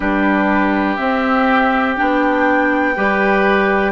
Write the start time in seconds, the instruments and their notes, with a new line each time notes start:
0.00 bassoon G3, clarinet D4, oboe G4, flute B4
0.96 clarinet C4, bassoon C4, flute E5
1.96 bassoon B3, clarinet D4, flute G5
2.96 bassoon G3, clarinet G4, oboe B4